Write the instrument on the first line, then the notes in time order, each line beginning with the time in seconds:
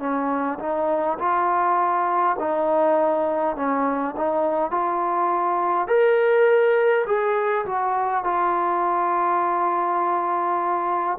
trombone
0.00 C#4
0.60 D#4
1.19 F4
2.40 D#4
3.57 C#4
4.17 D#4
4.72 F4
5.88 A#4
7.07 G#4
7.66 F#4
8.25 F4